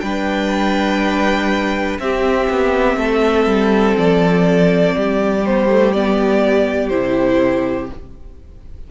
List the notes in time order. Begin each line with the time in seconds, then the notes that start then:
0.00 G3 D4 B4 G5
1.99 C4 G4 E5
2.50 B3
2.97 A3 A4
3.46 G3
3.98 F3 D5
4.95 G3 G4
5.46 B3 C5
5.70 A3
5.92 B3 D5
6.89 C3 E4 C5